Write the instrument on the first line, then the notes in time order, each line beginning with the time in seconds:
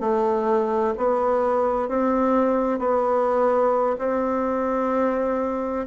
bassoon
0.00 A3
0.97 B3
1.88 C4
2.79 B3
3.98 C4